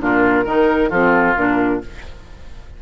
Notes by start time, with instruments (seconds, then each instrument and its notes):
0.00 bassoon A#2, clarinet D4, oboe F4, flute A#4
0.44 bassoon D#3, clarinet D#4, oboe A#4
0.89 bassoon F3, clarinet C4, oboe F4, flute A4
1.36 bassoon A#2, clarinet D4, flute A#4